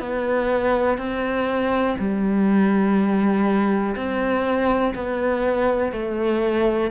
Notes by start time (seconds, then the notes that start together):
0.00 B3
0.98 C4
1.99 G3
3.96 C4
4.95 B3
5.92 A3